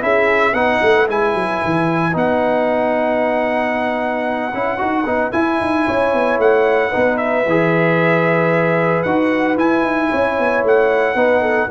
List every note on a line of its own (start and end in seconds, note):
0.00 0.53 C#4
0.00 0.53 E4
0.00 0.55 G#4
0.00 0.54 E5
0.53 0.80 B3
0.53 1.07 D#4
0.53 5.85 B4
0.53 1.07 F#5
0.82 1.08 A3
1.08 1.34 G#3
1.08 2.12 E4
1.08 2.16 G#5
1.34 1.61 F#3
1.64 2.14 E3
2.12 4.53 B3
2.12 4.51 D#4
2.12 5.32 F#5
4.54 4.80 C#4
4.54 4.78 E4
4.78 5.05 D#4
4.78 5.04 F#4
5.05 5.32 B3
5.05 5.32 D#4
5.32 6.91 E4
5.32 5.60 E4
5.32 6.38 G#5
5.61 5.87 D#4
5.85 6.13 C#4
5.85 6.89 C#5
6.13 6.38 B3
6.38 6.91 A3
6.38 7.17 F#5
6.89 7.44 D#4
6.89 10.08 B4
6.96 7.45 B3
7.17 9.03 E5
7.45 9.05 E3
7.45 9.06 G#4
9.03 9.56 D#4
9.03 9.57 F#4
9.03 9.56 F#5
9.56 9.82 E4
9.56 11.15 E4
9.56 10.64 G#5
9.82 10.08 D#4
10.10 10.39 C#4
10.10 11.16 C#5
10.39 10.63 B3
10.63 11.15 A3
10.63 11.70 F#5
11.15 11.68 B3
11.15 11.69 D#4
11.15 11.41 B4
11.41 11.68 A4